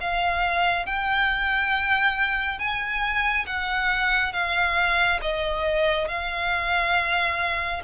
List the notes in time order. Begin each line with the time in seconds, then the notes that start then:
0.00 F5
0.86 G5
2.58 G#5
3.46 F#5
4.33 F5
5.21 D#5
6.08 F5